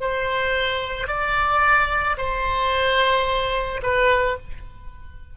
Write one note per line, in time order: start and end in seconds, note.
0.00 1.08 C5
1.08 2.17 D5
2.18 3.81 C5
3.82 4.37 B4